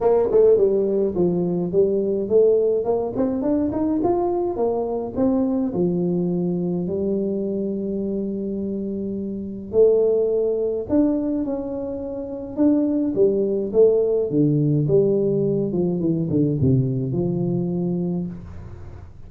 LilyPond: \new Staff \with { instrumentName = "tuba" } { \time 4/4 \tempo 4 = 105 ais8 a8 g4 f4 g4 | a4 ais8 c'8 d'8 dis'8 f'4 | ais4 c'4 f2 | g1~ |
g4 a2 d'4 | cis'2 d'4 g4 | a4 d4 g4. f8 | e8 d8 c4 f2 | }